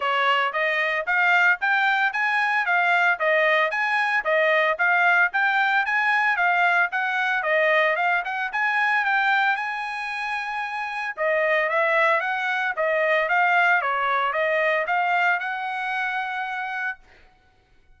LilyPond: \new Staff \with { instrumentName = "trumpet" } { \time 4/4 \tempo 4 = 113 cis''4 dis''4 f''4 g''4 | gis''4 f''4 dis''4 gis''4 | dis''4 f''4 g''4 gis''4 | f''4 fis''4 dis''4 f''8 fis''8 |
gis''4 g''4 gis''2~ | gis''4 dis''4 e''4 fis''4 | dis''4 f''4 cis''4 dis''4 | f''4 fis''2. | }